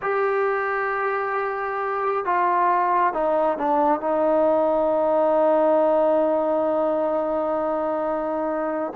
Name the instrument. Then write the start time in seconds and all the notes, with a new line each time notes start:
trombone
0.02 G4
2.25 F4
3.13 D#4
3.57 D4
4.00 D#4